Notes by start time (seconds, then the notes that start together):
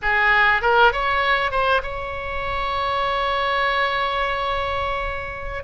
0.02 G#4
0.61 A#4
0.92 C#5
1.51 C5
1.83 C#5